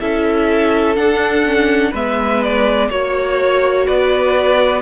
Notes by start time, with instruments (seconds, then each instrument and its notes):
0.00 cello C#4, viola E4, violin A4 E5
0.96 viola D4, cello D4, violin F#5
1.45 viola C#4
1.91 cello G#3, viola B3, violin B4 E5
2.43 violin D5
2.90 cello A#3, viola F#4, violin C#5
3.86 cello B3, violin B4 D5